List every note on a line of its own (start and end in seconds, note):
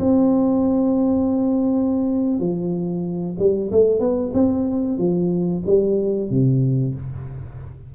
0.00 2.40 C4
2.40 3.37 F3
3.39 3.71 G3
3.72 4.00 A3
4.00 4.32 B3
4.34 4.98 C4
4.99 5.63 F3
5.66 6.30 G3
6.30 6.95 C3